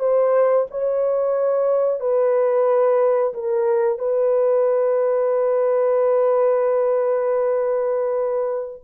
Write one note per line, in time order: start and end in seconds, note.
0.00 0.67 C5
0.71 2.00 C#5
2.00 3.34 B4
3.34 3.99 A#4
3.99 8.82 B4